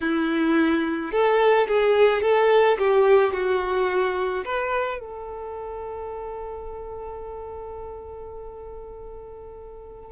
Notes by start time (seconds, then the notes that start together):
0.01 E4
1.11 A4
1.67 G#4
2.22 A4
2.78 G4
3.33 F#4
4.44 B4
4.99 A4